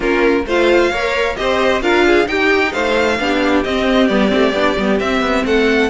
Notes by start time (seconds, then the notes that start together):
0.00 A#3 C#4 F4 A#4
0.45 A3 F4 C5 F5
0.91 A#3 A#4 C#5
1.36 C4 G4 C5 D#5
1.81 D4 F4 A#4 F5
2.06 G#4
2.25 D#4 G4 G5
2.72 A3 C5 F5
3.19 B3 D4 G4
3.63 C4 D#5
4.07 G3 B3 D5
4.28 A3 C4
4.53 B3 D4
4.77 G3 B3
4.99 C4 E5
5.21 B3
5.44 A3 A4 F#5